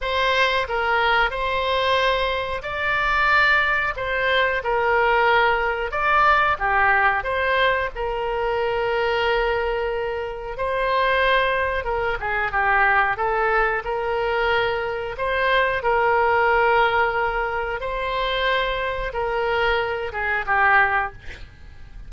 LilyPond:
\new Staff \with { instrumentName = "oboe" } { \time 4/4 \tempo 4 = 91 c''4 ais'4 c''2 | d''2 c''4 ais'4~ | ais'4 d''4 g'4 c''4 | ais'1 |
c''2 ais'8 gis'8 g'4 | a'4 ais'2 c''4 | ais'2. c''4~ | c''4 ais'4. gis'8 g'4 | }